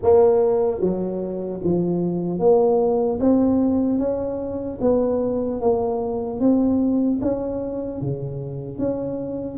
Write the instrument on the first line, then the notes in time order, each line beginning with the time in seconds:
tuba
0.02 A#3
0.80 F#3
1.63 F3
2.39 A#3
3.20 C4
3.98 C#4
4.80 B3
5.60 A#3
6.40 C4
7.21 C#4
8.01 C#3
8.78 C#4